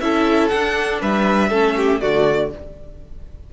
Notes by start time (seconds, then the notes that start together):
0.00 C#4 E4 A4 E5
0.48 D4 F#5
1.01 G3 B4 E5
1.49 A3 C#4 A4
1.76 G4
2.00 D3 A3 F#4 D5